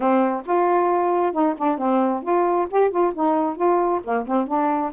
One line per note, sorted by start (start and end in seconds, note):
0.00 0.43 C4
0.45 1.32 F4
1.32 1.54 D#4
1.57 1.77 D4
1.77 2.22 C4
2.23 2.67 F4
2.70 2.90 G4
2.90 3.12 F4
3.14 3.56 D#4
3.56 4.01 F4
4.04 4.26 A#3
4.27 4.47 C4
4.47 4.92 D4